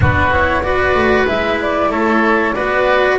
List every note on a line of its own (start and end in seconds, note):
0.00 0.94 B3
0.00 0.31 D4
0.00 0.61 F#4
0.00 0.33 B4
0.31 0.63 E4
0.31 0.62 C#5
0.62 1.27 F#4
0.62 1.91 B4
0.62 1.26 D5
0.94 1.26 A3
1.27 1.89 G#3
1.27 2.54 E4
1.27 1.59 E5
1.61 1.91 D5
1.89 2.53 A3
1.89 2.54 A4
1.89 2.53 C#5
2.53 3.19 B3
2.53 3.19 F#4
2.53 3.19 B4
2.53 3.17 D5